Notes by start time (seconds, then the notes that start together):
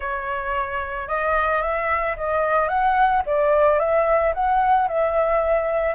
0.00 C#5
1.08 D#5
1.62 E5
2.16 D#5
2.68 F#5
3.26 D5
3.79 E5
4.34 F#5
4.88 E5